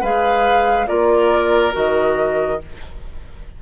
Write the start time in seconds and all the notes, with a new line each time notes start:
0.00 G#3 G#4 B4 F5
0.86 A#3 F4 A#4 D5
1.72 D#3 F#4 D#5